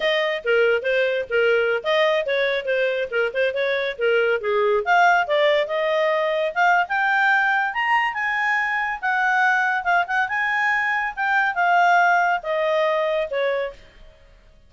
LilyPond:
\new Staff \with { instrumentName = "clarinet" } { \time 4/4 \tempo 4 = 140 dis''4 ais'4 c''4 ais'4~ | ais'16 dis''4 cis''4 c''4 ais'8 c''16~ | c''16 cis''4 ais'4 gis'4 f''8.~ | f''16 d''4 dis''2 f''8. |
g''2 ais''4 gis''4~ | gis''4 fis''2 f''8 fis''8 | gis''2 g''4 f''4~ | f''4 dis''2 cis''4 | }